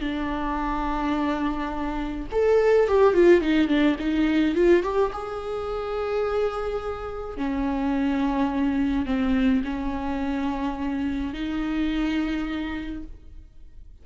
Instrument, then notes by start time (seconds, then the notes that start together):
viola
0.00 D4
2.32 A4
2.87 G4
3.14 F4
3.41 D#4
3.68 D4
3.99 D#4
4.55 F4
4.83 G4
5.12 G#4
7.37 C#4
9.05 C4
9.64 C#4
11.33 D#4